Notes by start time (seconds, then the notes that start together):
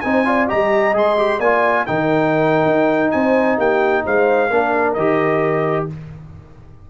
0.00 C4 D#4 C5 G#5
0.24 F4 D5
0.48 G3 G4 D#5 A#5
0.93 G#3 G#4 C6
1.17 G4
1.39 A#3 F4 D5 G#5
1.86 D#3 D#4 A#4 G5
2.65 D#4
3.11 C4 C5 G#5
3.57 A#3 G4 G5
4.04 G#3 C5 F5
4.50 A#3 D4 A#4
4.93 D#3 G4 D#5